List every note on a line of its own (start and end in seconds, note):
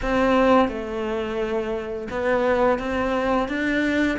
0.02 0.68 C4
0.68 2.07 A3
2.10 2.78 B3
2.78 3.48 C4
3.48 4.18 D4